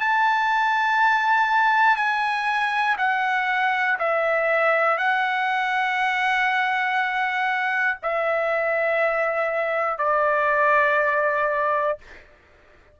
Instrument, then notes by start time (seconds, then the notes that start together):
trumpet
0.00 A5
1.96 G#5
2.98 F#5
3.99 E5
4.98 F#5
8.02 E5
9.98 D5